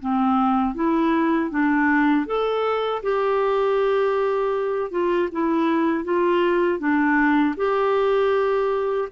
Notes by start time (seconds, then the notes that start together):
0.00 C4
0.75 E4
1.50 D4
2.26 A4
3.03 G4
4.91 F4
5.32 E4
6.04 F4
6.79 D4
7.57 G4